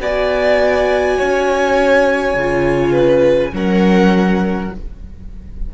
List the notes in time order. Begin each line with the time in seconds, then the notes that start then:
0.00 B3 F#4 D5 G#5
1.18 C#4 C#5
2.34 C#3 F4
2.91 B4
3.52 F#3 C#4 A#4 F#5